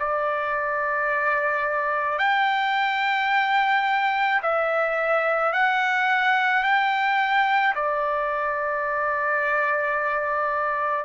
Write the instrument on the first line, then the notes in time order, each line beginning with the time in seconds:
trumpet
0.00 D5
2.19 G5
4.43 E5
5.54 F#5
6.64 G5
7.76 D5